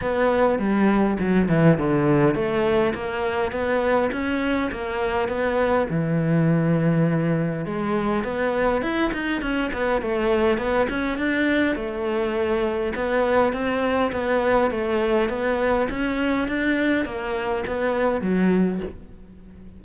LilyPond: \new Staff \with { instrumentName = "cello" } { \time 4/4 \tempo 4 = 102 b4 g4 fis8 e8 d4 | a4 ais4 b4 cis'4 | ais4 b4 e2~ | e4 gis4 b4 e'8 dis'8 |
cis'8 b8 a4 b8 cis'8 d'4 | a2 b4 c'4 | b4 a4 b4 cis'4 | d'4 ais4 b4 fis4 | }